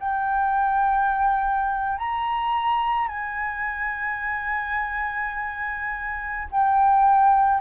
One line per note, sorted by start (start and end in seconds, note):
0.00 1.98 G5
1.98 3.09 A#5
3.09 6.48 G#5
6.51 7.61 G5